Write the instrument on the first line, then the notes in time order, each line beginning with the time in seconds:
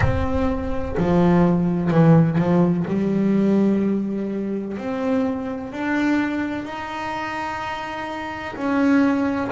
double bass
0.00 C4
0.97 F3
1.90 E3
2.38 F3
2.87 G3
4.77 C4
5.72 D4
6.64 D#4
8.55 C#4